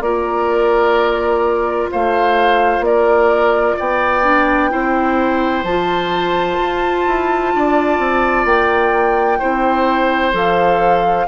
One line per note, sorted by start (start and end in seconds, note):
0.00 1.88 A#3
0.00 4.22 F4
0.00 1.90 A#4
0.00 1.89 D5
1.91 2.80 A3
1.91 2.85 C5
1.91 2.84 F5
2.80 3.73 A#3
2.80 3.78 D5
2.87 3.76 A#4
3.76 4.73 B3
3.76 4.70 D5
3.76 5.64 G5
4.23 4.70 D4
4.70 5.63 C4
4.70 5.63 E4
4.70 7.53 C5
5.63 6.57 F3
5.63 9.40 F4
5.63 8.45 A5
6.59 7.06 F4
7.07 7.54 E4
7.54 7.99 D4
7.54 9.39 D5
7.99 8.45 C4
8.45 9.38 A#3
8.45 10.34 G5
9.39 10.33 C4
9.39 10.32 E4
9.39 11.26 C5
10.32 11.27 F3
10.32 11.26 A4
10.32 11.27 F5